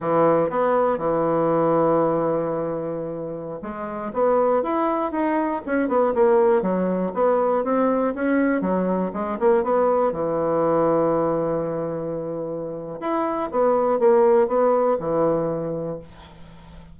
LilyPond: \new Staff \with { instrumentName = "bassoon" } { \time 4/4 \tempo 4 = 120 e4 b4 e2~ | e2.~ e16 gis8.~ | gis16 b4 e'4 dis'4 cis'8 b16~ | b16 ais4 fis4 b4 c'8.~ |
c'16 cis'4 fis4 gis8 ais8 b8.~ | b16 e2.~ e8.~ | e2 e'4 b4 | ais4 b4 e2 | }